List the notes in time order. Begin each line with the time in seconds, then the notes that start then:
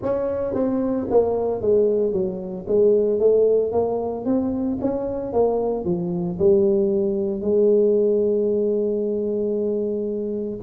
0.02 C#4
0.54 C4
1.10 A#3
1.61 G#3
2.12 F#3
2.67 G#3
3.19 A3
3.72 A#3
4.25 C4
4.81 C#4
5.32 A#3
5.84 F3
6.39 G3
7.41 G#3